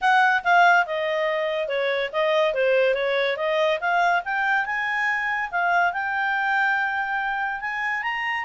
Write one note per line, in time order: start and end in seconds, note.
0.01 0.43 F#5
0.43 0.85 F5
0.85 1.68 D#5
1.68 2.10 C#5
2.12 2.54 D#5
2.54 2.94 C5
2.94 3.36 C#5
3.36 3.79 D#5
3.80 4.22 F5
4.25 4.65 G5
4.65 5.50 G#5
5.51 5.92 F5
5.92 7.61 G5
7.61 8.02 G#5
8.02 8.44 A#5